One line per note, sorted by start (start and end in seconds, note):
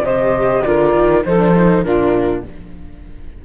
0.00 0.60 C3
0.00 0.64 G4
0.00 0.63 C5
0.00 0.63 D#5
0.63 0.94 D3
0.63 1.24 F4
0.63 1.25 A#4
0.63 1.23 D5
0.94 1.24 D#3
1.24 1.84 F3
1.24 1.38 D#4
1.24 1.83 A4
1.24 1.83 C5
1.38 1.53 D4
1.55 1.84 D#4
1.83 2.44 A#2
1.83 2.44 D4
1.83 2.43 F4
1.83 2.43 A#4